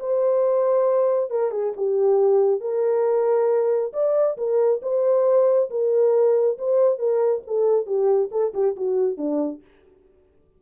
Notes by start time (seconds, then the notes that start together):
0.00 C5
1.31 A#4
1.51 G#4
1.77 G4
2.61 A#4
3.94 D5
4.38 A#4
4.83 C5
5.71 A#4
6.59 C5
6.99 A#4
7.47 A4
7.87 G4
8.32 A4
8.54 G4
8.77 F#4
9.18 D4